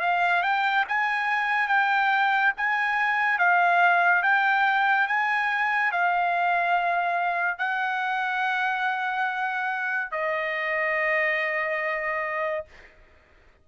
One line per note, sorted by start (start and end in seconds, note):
0.00 0.42 F5
0.42 0.84 G5
0.88 1.67 G#5
1.67 2.52 G5
2.57 3.38 G#5
3.38 4.22 F5
4.22 5.07 G5
5.07 5.91 G#5
5.91 7.58 F5
7.58 10.11 F#5
10.11 12.65 D#5